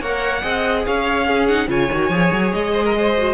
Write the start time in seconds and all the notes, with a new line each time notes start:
0.00 A#3 A#4 C#5 F#5
0.42 C4 G#4 D#5
0.86 C#4 C#5 F5
1.27 C#4 G#4
1.47 D#4 F#5
1.68 C#3 F4 C#5 G#5
1.91 D#3 F#4
2.10 F3 G#4
2.31 F#3
2.53 G#3 D#5
2.73 C5
2.84 A#4
2.97 C5
3.17 F#4